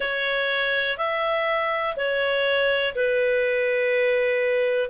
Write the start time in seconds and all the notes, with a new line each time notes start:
0.00 C#5
0.97 E5
1.96 C#5
2.95 B4